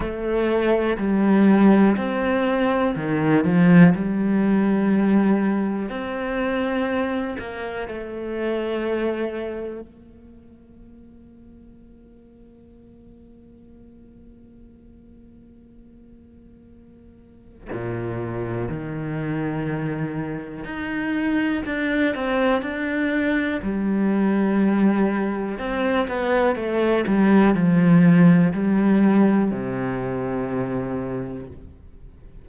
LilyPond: \new Staff \with { instrumentName = "cello" } { \time 4/4 \tempo 4 = 61 a4 g4 c'4 dis8 f8 | g2 c'4. ais8 | a2 ais2~ | ais1~ |
ais2 ais,4 dis4~ | dis4 dis'4 d'8 c'8 d'4 | g2 c'8 b8 a8 g8 | f4 g4 c2 | }